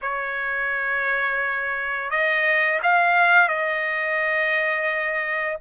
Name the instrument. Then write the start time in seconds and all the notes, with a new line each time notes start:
trumpet
0.01 C#5
2.10 D#5
2.83 F5
3.48 D#5